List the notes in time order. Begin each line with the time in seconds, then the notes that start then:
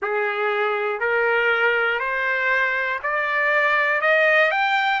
0.01 G#4
1.00 A#4
2.00 C5
3.03 D5
4.00 D#5
4.50 G5